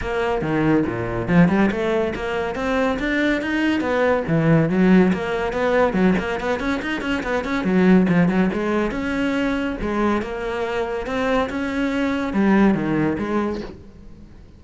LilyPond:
\new Staff \with { instrumentName = "cello" } { \time 4/4 \tempo 4 = 141 ais4 dis4 ais,4 f8 g8 | a4 ais4 c'4 d'4 | dis'4 b4 e4 fis4 | ais4 b4 fis8 ais8 b8 cis'8 |
dis'8 cis'8 b8 cis'8 fis4 f8 fis8 | gis4 cis'2 gis4 | ais2 c'4 cis'4~ | cis'4 g4 dis4 gis4 | }